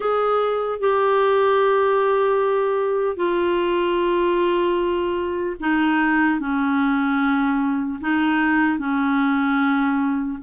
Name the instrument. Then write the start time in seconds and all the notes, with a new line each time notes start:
clarinet
0.00 G#4
0.79 G4
3.16 F4
5.60 D#4
6.39 C#4
8.00 D#4
8.78 C#4